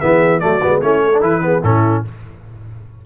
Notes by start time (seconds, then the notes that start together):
0.00 E3 B3 G#4 E5
0.40 F#3 A3 F#4 D5
0.62 G#3 B3
0.81 A3 C#4 E4 C#5
1.03 A4
1.14 D4
1.21 E3 E4 B4
1.41 B3 G#4
1.63 A2 C#4 E4 A4